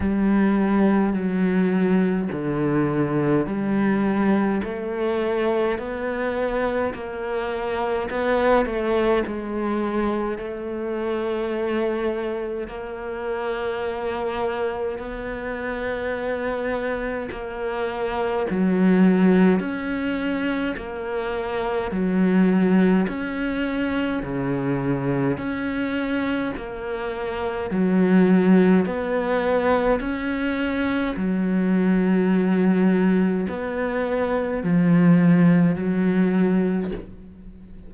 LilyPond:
\new Staff \with { instrumentName = "cello" } { \time 4/4 \tempo 4 = 52 g4 fis4 d4 g4 | a4 b4 ais4 b8 a8 | gis4 a2 ais4~ | ais4 b2 ais4 |
fis4 cis'4 ais4 fis4 | cis'4 cis4 cis'4 ais4 | fis4 b4 cis'4 fis4~ | fis4 b4 f4 fis4 | }